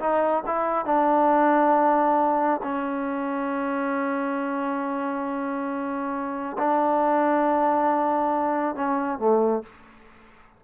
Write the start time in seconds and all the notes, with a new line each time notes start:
0.00 D#4
0.47 E4
0.86 D4
2.64 C#4
6.59 D4
8.76 C#4
9.19 A3